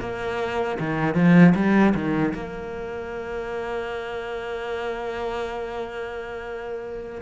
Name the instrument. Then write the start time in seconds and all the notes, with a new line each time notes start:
cello
0.00 A#3
0.79 D#3
1.15 F3
1.55 G3
1.94 D#3
2.34 A#3